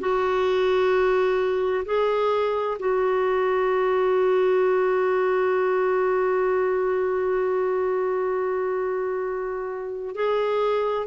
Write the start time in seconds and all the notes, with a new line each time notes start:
0.00 F#4
1.85 G#4
2.79 F#4
10.15 G#4